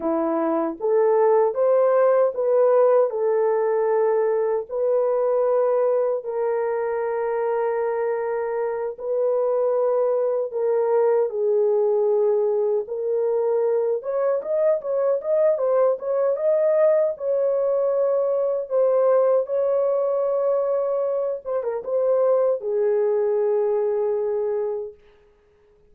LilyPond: \new Staff \with { instrumentName = "horn" } { \time 4/4 \tempo 4 = 77 e'4 a'4 c''4 b'4 | a'2 b'2 | ais'2.~ ais'8 b'8~ | b'4. ais'4 gis'4.~ |
gis'8 ais'4. cis''8 dis''8 cis''8 dis''8 | c''8 cis''8 dis''4 cis''2 | c''4 cis''2~ cis''8 c''16 ais'16 | c''4 gis'2. | }